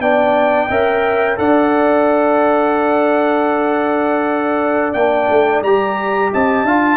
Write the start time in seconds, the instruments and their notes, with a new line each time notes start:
0.00 tuba B3, trombone D4, horn D5, trumpet G5
0.70 tuba C#4, trombone A#4, horn E5
1.37 tuba D4, trombone A4, horn D5, trumpet F#5
4.94 tuba A#3, trombone D4, trumpet G5
5.30 tuba A3
5.62 tuba G3, trombone G4, trumpet A#5
6.34 tuba C4, horn D#5, trumpet A5
6.63 tuba D4, trombone F4, horn F5